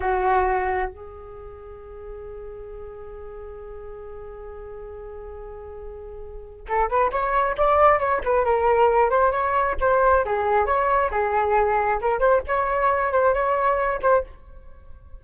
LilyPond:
\new Staff \with { instrumentName = "flute" } { \time 4/4 \tempo 4 = 135 fis'2 gis'2~ | gis'1~ | gis'1~ | gis'2. a'8 b'8 |
cis''4 d''4 cis''8 b'8 ais'4~ | ais'8 c''8 cis''4 c''4 gis'4 | cis''4 gis'2 ais'8 c''8 | cis''4. c''8 cis''4. c''8 | }